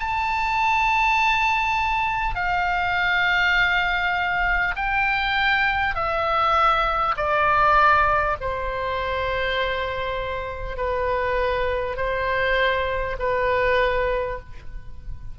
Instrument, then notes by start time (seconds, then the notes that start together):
oboe
0.00 A5
2.35 F5
4.76 G5
5.95 E5
7.17 D5
8.41 C5
10.77 B4
11.97 C5
13.19 B4